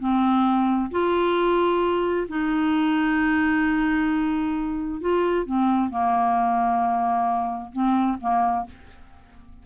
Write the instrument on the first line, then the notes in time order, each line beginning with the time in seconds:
clarinet
0.00 C4
0.91 F4
2.29 D#4
5.01 F4
5.46 C4
5.91 A#3
7.73 C4
8.21 A#3